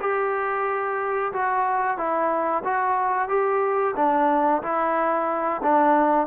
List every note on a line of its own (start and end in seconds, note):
0.00 1.32 G4
1.32 1.97 F#4
1.97 2.63 E4
2.64 3.28 F#4
3.28 3.94 G4
3.96 4.62 D4
4.62 5.61 E4
5.63 6.27 D4